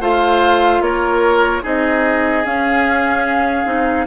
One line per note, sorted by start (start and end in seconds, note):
0.00 0.80 A3
0.00 1.62 F4
0.00 0.81 C5
0.00 0.82 F5
0.80 1.61 A#3
0.80 1.62 A#4
0.80 1.63 C#5
1.62 2.44 C4
1.62 2.43 D#4
1.62 4.05 G#4
1.62 2.45 D#5
2.44 3.65 C#4
2.44 4.06 F5
3.65 4.06 C4
3.65 4.06 D#4